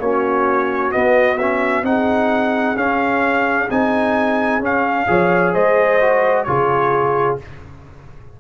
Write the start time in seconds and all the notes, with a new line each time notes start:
0.00 A#3 C#4 F#4 C#5
0.92 B3 D#5
1.38 C#4 E5
1.83 C4 D#4 G#4 F#5
2.76 C#4 F5
3.70 C4 D#4 G#5
4.60 C#4 F5
5.07 F3 G#4 C#5
5.54 G#3 C5 D#5
6.01 F#4
6.44 C#3 F4 G#4 C#5